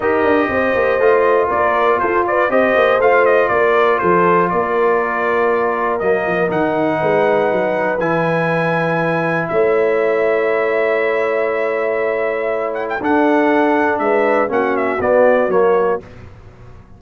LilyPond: <<
  \new Staff \with { instrumentName = "trumpet" } { \time 4/4 \tempo 4 = 120 dis''2. d''4 | c''8 d''8 dis''4 f''8 dis''8 d''4 | c''4 d''2. | dis''4 fis''2. |
gis''2. e''4~ | e''1~ | e''4. fis''16 g''16 fis''2 | e''4 fis''8 e''8 d''4 cis''4 | }
  \new Staff \with { instrumentName = "horn" } { \time 4/4 ais'4 c''2 ais'4 | a'8 b'8 c''2 ais'4 | a'4 ais'2.~ | ais'2 b'2~ |
b'2. cis''4~ | cis''1~ | cis''2 a'2 | b'4 fis'2. | }
  \new Staff \with { instrumentName = "trombone" } { \time 4/4 g'2 f'2~ | f'4 g'4 f'2~ | f'1 | ais4 dis'2. |
e'1~ | e'1~ | e'2 d'2~ | d'4 cis'4 b4 ais4 | }
  \new Staff \with { instrumentName = "tuba" } { \time 4/4 dis'8 d'8 c'8 ais8 a4 ais4 | f'4 c'8 ais8 a4 ais4 | f4 ais2. | fis8 f8 dis4 gis4 fis4 |
e2. a4~ | a1~ | a2 d'2 | gis4 ais4 b4 fis4 | }
>>